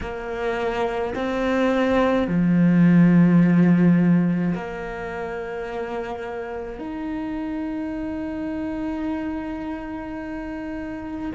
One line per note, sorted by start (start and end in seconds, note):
0.00 1.13 A#3
1.14 2.27 C4
2.27 4.54 F3
4.54 6.78 A#3
6.78 11.31 D#4